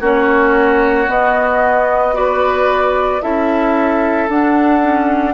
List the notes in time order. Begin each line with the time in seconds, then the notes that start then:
0.00 A#3 C#4 F#4 C#5
1.07 B3 D#5
2.13 F#4 B4 D5
3.21 C#4 E4 A4 E5
4.28 D4 F#5
4.81 C#4